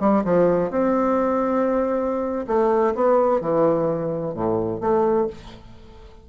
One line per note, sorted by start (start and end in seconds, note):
0.00 0.23 G3
0.24 0.70 F3
0.70 2.46 C4
2.47 2.94 A3
2.94 3.41 B3
3.41 4.34 E3
4.34 4.80 A2
4.80 5.27 A3